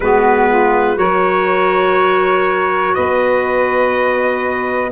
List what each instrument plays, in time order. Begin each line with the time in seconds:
0.00 tuba G#3, clarinet B3, saxophone F#4, trumpet B4
0.49 saxophone F4
0.95 tuba F#3, clarinet F#4, saxophone A#4, trumpet C#5
2.94 tuba B3, saxophone B4, trumpet D#5